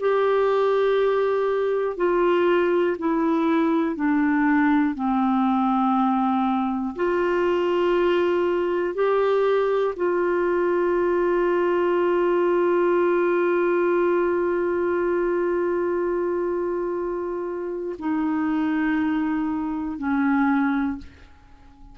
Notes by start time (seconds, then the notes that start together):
0.00 G4
1.96 F4
2.98 E4
3.96 D4
4.95 C4
6.95 F4
8.95 G4
9.96 F4
17.99 D#4
19.98 C#4